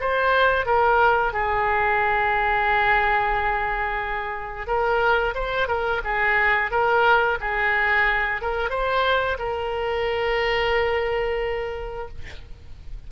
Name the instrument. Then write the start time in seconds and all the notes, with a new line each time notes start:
oboe
0.00 C5
0.66 A#4
1.33 G#4
4.67 A#4
5.34 C5
5.68 A#4
6.04 G#4
6.71 A#4
7.41 G#4
8.41 A#4
8.70 C5
9.39 A#4